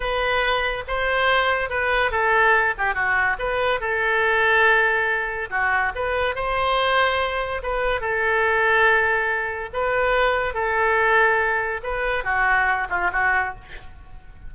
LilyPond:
\new Staff \with { instrumentName = "oboe" } { \time 4/4 \tempo 4 = 142 b'2 c''2 | b'4 a'4. g'8 fis'4 | b'4 a'2.~ | a'4 fis'4 b'4 c''4~ |
c''2 b'4 a'4~ | a'2. b'4~ | b'4 a'2. | b'4 fis'4. f'8 fis'4 | }